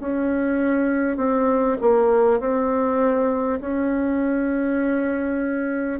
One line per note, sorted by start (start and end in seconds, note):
0.00 1.17 C#4
1.17 1.77 C4
1.81 2.40 A#3
2.40 3.60 C4
3.61 6.00 C#4